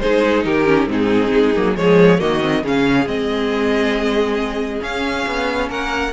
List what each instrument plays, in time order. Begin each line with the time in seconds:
0.00 cello G#3, viola D#4, violin G#4 C5
0.45 cello D#3, violin G4 A#4
0.66 viola C#4
0.88 cello G#2, viola C4, violin D#4 G#4
1.34 cello G#3
1.56 cello F#3, viola A#3
1.76 cello F3, viola G#3, violin G#4 C#5
2.19 cello D#3, viola A#3, violin F#4 D#5
2.42 viola C4
2.64 cello C#3, viola C#4, violin G#4 F5
3.07 cello G#3, viola C4, violin D#5
4.81 viola C#4, cello C#4, violin F5
5.27 cello B3
5.69 cello A#3, violin A#4 F#5